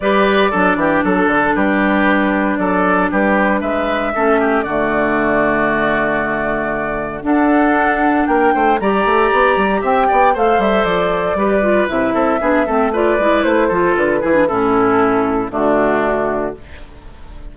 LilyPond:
<<
  \new Staff \with { instrumentName = "flute" } { \time 4/4 \tempo 4 = 116 d''2 a'4 b'4~ | b'4 d''4 b'4 e''4~ | e''4 d''2.~ | d''2 fis''2 |
g''4 ais''2 g''4 | f''8 e''8 d''2 e''4~ | e''4 d''4 c''4 b'4 | a'2 fis'2 | }
  \new Staff \with { instrumentName = "oboe" } { \time 4/4 b'4 a'8 g'8 a'4 g'4~ | g'4 a'4 g'4 b'4 | a'8 g'8 fis'2.~ | fis'2 a'2 |
ais'8 c''8 d''2 e''8 d''8 | c''2 b'4. a'8 | gis'8 a'8 b'4. a'4 gis'8 | e'2 d'2 | }
  \new Staff \with { instrumentName = "clarinet" } { \time 4/4 g'4 d'2.~ | d'1 | cis'4 a2.~ | a2 d'2~ |
d'4 g'2. | a'2 g'8 f'8 e'4 | d'8 c'8 f'8 e'4 f'4 e'16 d'16 | cis'2 a2 | }
  \new Staff \with { instrumentName = "bassoon" } { \time 4/4 g4 fis8 e8 fis8 d8 g4~ | g4 fis4 g4 gis4 | a4 d2.~ | d2 d'2 |
ais8 a8 g8 a8 b8 g8 c'8 b8 | a8 g8 f4 g4 c8 c'8 | b8 a4 gis8 a8 f8 d8 e8 | a,2 d2 | }
>>